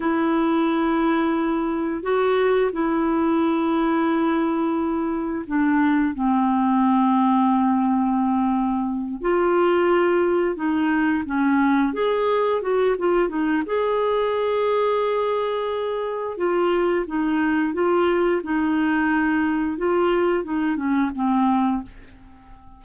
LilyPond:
\new Staff \with { instrumentName = "clarinet" } { \time 4/4 \tempo 4 = 88 e'2. fis'4 | e'1 | d'4 c'2.~ | c'4. f'2 dis'8~ |
dis'8 cis'4 gis'4 fis'8 f'8 dis'8 | gis'1 | f'4 dis'4 f'4 dis'4~ | dis'4 f'4 dis'8 cis'8 c'4 | }